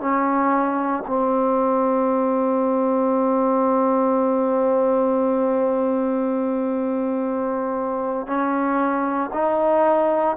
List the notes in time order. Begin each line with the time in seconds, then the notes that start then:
0.00 C#4
1.07 C4
8.27 C#4
9.33 D#4